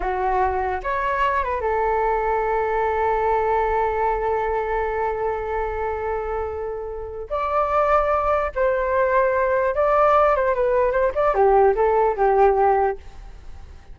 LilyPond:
\new Staff \with { instrumentName = "flute" } { \time 4/4 \tempo 4 = 148 fis'2 cis''4. b'8 | a'1~ | a'1~ | a'1~ |
a'2 d''2~ | d''4 c''2. | d''4. c''8 b'4 c''8 d''8 | g'4 a'4 g'2 | }